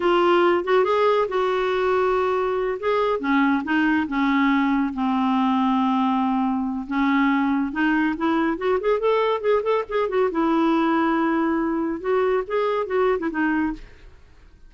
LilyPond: \new Staff \with { instrumentName = "clarinet" } { \time 4/4 \tempo 4 = 140 f'4. fis'8 gis'4 fis'4~ | fis'2~ fis'8 gis'4 cis'8~ | cis'8 dis'4 cis'2 c'8~ | c'1 |
cis'2 dis'4 e'4 | fis'8 gis'8 a'4 gis'8 a'8 gis'8 fis'8 | e'1 | fis'4 gis'4 fis'8. e'16 dis'4 | }